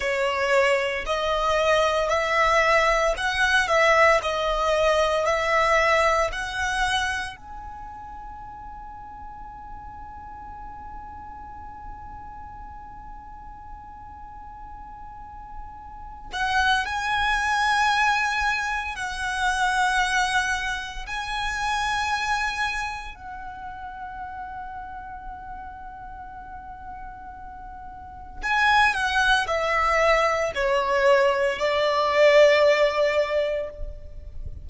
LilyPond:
\new Staff \with { instrumentName = "violin" } { \time 4/4 \tempo 4 = 57 cis''4 dis''4 e''4 fis''8 e''8 | dis''4 e''4 fis''4 gis''4~ | gis''1~ | gis''2.~ gis''8 fis''8 |
gis''2 fis''2 | gis''2 fis''2~ | fis''2. gis''8 fis''8 | e''4 cis''4 d''2 | }